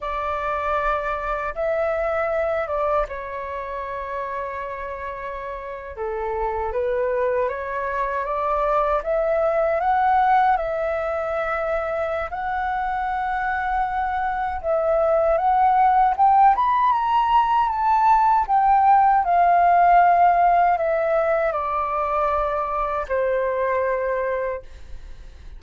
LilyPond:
\new Staff \with { instrumentName = "flute" } { \time 4/4 \tempo 4 = 78 d''2 e''4. d''8 | cis''2.~ cis''8. a'16~ | a'8. b'4 cis''4 d''4 e''16~ | e''8. fis''4 e''2~ e''16 |
fis''2. e''4 | fis''4 g''8 b''8 ais''4 a''4 | g''4 f''2 e''4 | d''2 c''2 | }